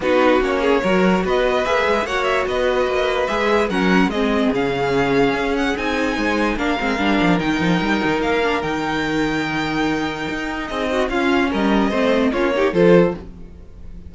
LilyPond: <<
  \new Staff \with { instrumentName = "violin" } { \time 4/4 \tempo 4 = 146 b'4 cis''2 dis''4 | e''4 fis''8 e''8 dis''2 | e''4 fis''4 dis''4 f''4~ | f''4. fis''8 gis''2 |
f''2 g''2 | f''4 g''2.~ | g''2 dis''4 f''4 | dis''2 cis''4 c''4 | }
  \new Staff \with { instrumentName = "violin" } { \time 4/4 fis'4. gis'8 ais'4 b'4~ | b'4 cis''4 b'2~ | b'4 ais'4 gis'2~ | gis'2. c''4 |
ais'1~ | ais'1~ | ais'2 gis'8 fis'8 f'4 | ais'4 c''4 f'8 g'8 a'4 | }
  \new Staff \with { instrumentName = "viola" } { \time 4/4 dis'4 cis'4 fis'2 | gis'4 fis'2. | gis'4 cis'4 c'4 cis'4~ | cis'2 dis'2 |
d'8 c'8 d'4 dis'2~ | dis'8 d'8 dis'2.~ | dis'2. cis'4~ | cis'4 c'4 cis'8 dis'8 f'4 | }
  \new Staff \with { instrumentName = "cello" } { \time 4/4 b4 ais4 fis4 b4 | ais8 gis8 ais4 b4 ais4 | gis4 fis4 gis4 cis4~ | cis4 cis'4 c'4 gis4 |
ais8 gis8 g8 f8 dis8 f8 g8 dis8 | ais4 dis2.~ | dis4 dis'4 c'4 cis'4 | g4 a4 ais4 f4 | }
>>